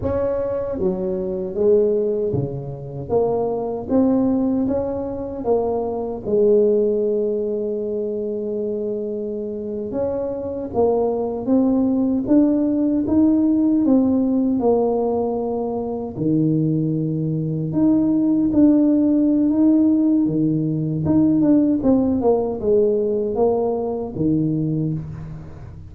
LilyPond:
\new Staff \with { instrumentName = "tuba" } { \time 4/4 \tempo 4 = 77 cis'4 fis4 gis4 cis4 | ais4 c'4 cis'4 ais4 | gis1~ | gis8. cis'4 ais4 c'4 d'16~ |
d'8. dis'4 c'4 ais4~ ais16~ | ais8. dis2 dis'4 d'16~ | d'4 dis'4 dis4 dis'8 d'8 | c'8 ais8 gis4 ais4 dis4 | }